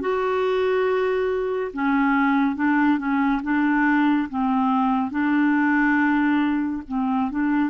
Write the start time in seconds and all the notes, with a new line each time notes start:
0.00 F#4
1.73 C#4
2.56 D4
2.98 C#4
3.42 D4
4.29 C4
5.11 D4
6.88 C4
7.31 D4